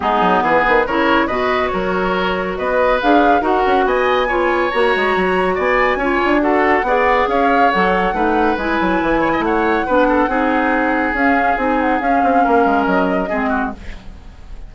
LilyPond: <<
  \new Staff \with { instrumentName = "flute" } { \time 4/4 \tempo 4 = 140 gis'4 b'4 cis''4 dis''4 | cis''2 dis''4 f''4 | fis''4 gis''2 ais''4~ | ais''4 gis''2 fis''4~ |
fis''4 f''4 fis''2 | gis''2 fis''2~ | fis''2 f''4 gis''8 fis''8 | f''2 dis''2 | }
  \new Staff \with { instrumentName = "oboe" } { \time 4/4 dis'4 gis'4 ais'4 b'4 | ais'2 b'2 | ais'4 dis''4 cis''2~ | cis''4 d''4 cis''4 a'4 |
d''4 cis''2 b'4~ | b'4. cis''16 dis''16 cis''4 b'8 a'8 | gis'1~ | gis'4 ais'2 gis'8 fis'8 | }
  \new Staff \with { instrumentName = "clarinet" } { \time 4/4 b2 e'4 fis'4~ | fis'2. gis'4 | fis'2 f'4 fis'4~ | fis'2 f'4 fis'4 |
gis'2 a'4 dis'4 | e'2. d'4 | dis'2 cis'4 dis'4 | cis'2. c'4 | }
  \new Staff \with { instrumentName = "bassoon" } { \time 4/4 gis8 fis8 e8 dis8 cis4 b,4 | fis2 b4 d'4 | dis'8 cis'8 b2 ais8 gis8 | fis4 b4 cis'8 d'4. |
b4 cis'4 fis4 a4 | gis8 fis8 e4 a4 b4 | c'2 cis'4 c'4 | cis'8 c'8 ais8 gis8 fis4 gis4 | }
>>